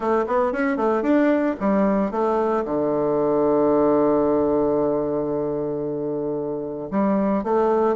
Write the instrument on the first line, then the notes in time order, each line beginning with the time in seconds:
bassoon
0.00 A3
0.27 B3
0.52 C#4
0.76 A3
1.02 D4
1.60 G3
2.11 A3
2.65 D3
6.91 G3
7.43 A3